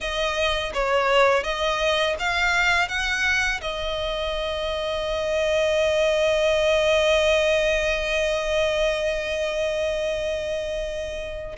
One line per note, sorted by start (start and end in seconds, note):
0.00 0.73 D#5
0.73 1.43 C#5
1.43 2.16 D#5
2.19 2.88 F5
2.88 3.60 F#5
3.61 11.56 D#5